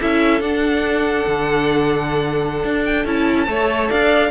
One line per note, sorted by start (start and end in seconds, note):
0.00 0.40 C#4
0.00 0.40 E4
0.00 3.49 A4
0.00 0.41 E5
0.40 1.25 D4
0.40 3.05 D4
0.40 2.84 F#5
1.27 2.64 D3
2.64 3.05 D4
2.85 3.06 G5
3.05 3.47 C#4
3.05 3.46 E4
3.05 3.90 A5
3.46 3.89 A3
3.46 4.30 A4
3.46 3.91 C#5
3.90 4.30 D4
3.90 4.30 D5
3.90 4.30 F5